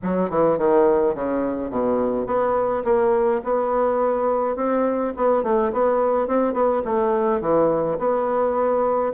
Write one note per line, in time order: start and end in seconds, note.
0.02 0.30 F#3
0.30 0.58 E3
0.58 1.15 D#3
1.15 1.70 C#3
1.70 2.26 B2
2.26 2.83 B3
2.84 3.41 A#3
3.44 4.56 B3
4.56 5.13 C4
5.16 5.43 B3
5.43 5.71 A3
5.72 6.27 B3
6.27 6.53 C4
6.53 6.82 B3
6.84 7.41 A3
7.41 7.98 E3
7.98 9.12 B3